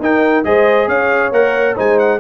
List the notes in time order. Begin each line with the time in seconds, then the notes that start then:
0.00 D#4 A#4 G5
0.44 G#3 G#4 C5 D#5
0.88 C#4 C#5 F5
1.32 A#3 A#4 F#5
1.75 G#3 D#4 C5 G#5
1.99 F#5